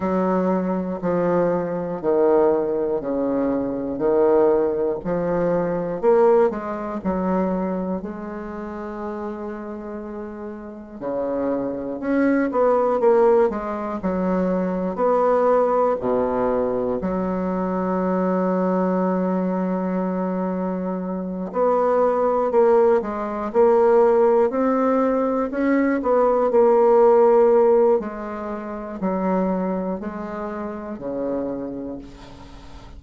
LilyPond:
\new Staff \with { instrumentName = "bassoon" } { \time 4/4 \tempo 4 = 60 fis4 f4 dis4 cis4 | dis4 f4 ais8 gis8 fis4 | gis2. cis4 | cis'8 b8 ais8 gis8 fis4 b4 |
b,4 fis2.~ | fis4. b4 ais8 gis8 ais8~ | ais8 c'4 cis'8 b8 ais4. | gis4 fis4 gis4 cis4 | }